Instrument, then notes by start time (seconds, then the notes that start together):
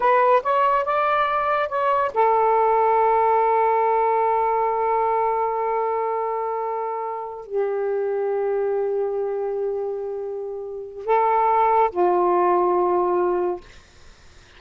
saxophone
0.00 B4
0.43 C#5
0.85 D5
1.68 C#5
2.14 A4
7.46 G4
11.05 A4
11.90 F4